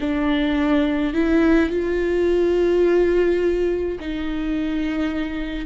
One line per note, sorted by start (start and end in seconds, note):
0.00 1.14 D4
1.14 1.70 E4
1.70 3.98 F4
4.00 5.66 D#4